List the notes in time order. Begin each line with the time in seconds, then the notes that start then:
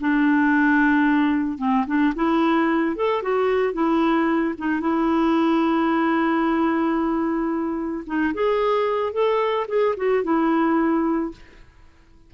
0.00 D4
1.58 C4
1.87 D4
2.15 E4
2.96 A4
3.23 F#4
3.73 E4
4.58 D#4
4.80 E4
8.06 D#4
8.34 G#4
9.13 A4
9.68 G#4
9.97 F#4
10.24 E4